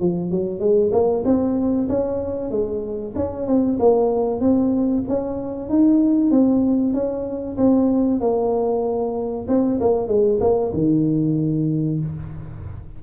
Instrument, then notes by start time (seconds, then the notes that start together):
tuba
0.00 F3
0.31 F#3
0.60 G#3
0.92 A#3
1.25 C4
1.89 C#4
2.51 G#3
3.16 C#4
3.47 C4
3.79 A#3
4.41 C4
5.09 C#4
5.69 D#4
6.31 C4
6.94 C#4
7.57 C4
8.20 A#3
9.48 C4
9.81 A#3
10.08 G#3
10.40 A#3
10.74 D#3